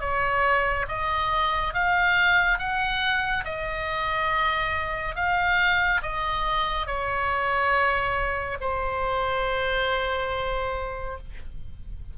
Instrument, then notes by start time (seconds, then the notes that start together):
oboe
0.00 C#5
0.88 D#5
1.74 F5
2.59 F#5
3.44 D#5
5.15 F5
6.02 D#5
6.86 C#5
8.61 C5